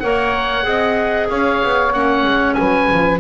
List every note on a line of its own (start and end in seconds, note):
0.00 0.64 A#3
0.00 0.63 A#4
0.00 0.66 C#5
0.00 1.28 F#5
0.63 1.28 C4
0.63 1.91 G#4
0.63 1.29 D#5
1.29 1.62 C#4
1.29 2.57 C#5
1.29 1.93 F5
1.63 1.94 B3
1.93 2.23 A#3
1.93 3.20 C#4
1.93 2.54 F#5
2.23 2.55 G#3
2.54 2.91 F#3
2.54 3.20 B4
2.54 3.18 G#5
2.91 3.20 F3